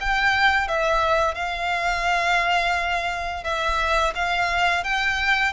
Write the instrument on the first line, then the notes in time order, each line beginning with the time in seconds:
violin
0.00 G5
0.68 E5
1.34 F5
3.43 E5
4.14 F5
4.84 G5